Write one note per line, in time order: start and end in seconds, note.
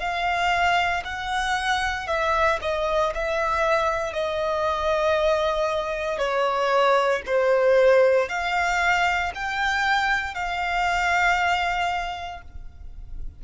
0.00 1.03 F5
1.05 2.08 F#5
2.08 2.60 E5
2.62 3.14 D#5
3.15 4.14 E5
4.14 6.19 D#5
6.19 7.22 C#5
7.26 8.29 C5
8.29 9.33 F5
9.35 10.35 G5
10.35 12.42 F5